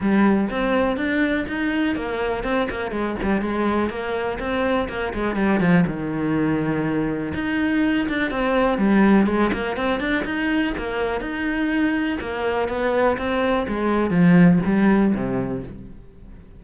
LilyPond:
\new Staff \with { instrumentName = "cello" } { \time 4/4 \tempo 4 = 123 g4 c'4 d'4 dis'4 | ais4 c'8 ais8 gis8 g8 gis4 | ais4 c'4 ais8 gis8 g8 f8 | dis2. dis'4~ |
dis'8 d'8 c'4 g4 gis8 ais8 | c'8 d'8 dis'4 ais4 dis'4~ | dis'4 ais4 b4 c'4 | gis4 f4 g4 c4 | }